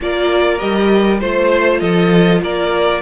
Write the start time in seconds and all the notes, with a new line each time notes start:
0.00 A#3 F4 A#4 D5
0.58 G3 G4 D#5
1.19 A3 F4 C5
1.80 F3 A4 D#5
2.42 A#3 A#4 D5